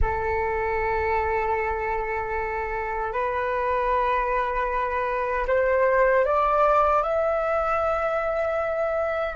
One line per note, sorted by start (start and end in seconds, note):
0.01 3.12 A4
3.12 5.46 B4
5.47 6.25 C5
6.25 7.03 D5
7.03 9.35 E5